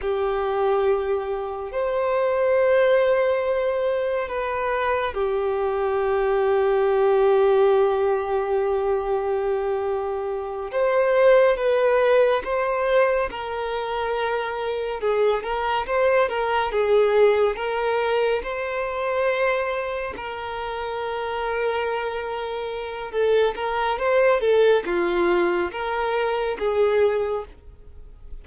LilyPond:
\new Staff \with { instrumentName = "violin" } { \time 4/4 \tempo 4 = 70 g'2 c''2~ | c''4 b'4 g'2~ | g'1~ | g'8 c''4 b'4 c''4 ais'8~ |
ais'4. gis'8 ais'8 c''8 ais'8 gis'8~ | gis'8 ais'4 c''2 ais'8~ | ais'2. a'8 ais'8 | c''8 a'8 f'4 ais'4 gis'4 | }